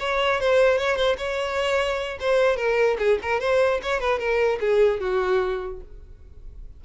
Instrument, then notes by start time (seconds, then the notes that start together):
violin
0.00 C#5
0.40 C5
0.78 C#5
0.96 C5
1.18 C#5
2.20 C5
2.57 A#4
2.99 G#4
3.22 A#4
3.40 C5
3.83 C#5
4.00 B4
4.19 A#4
4.60 G#4
5.00 F#4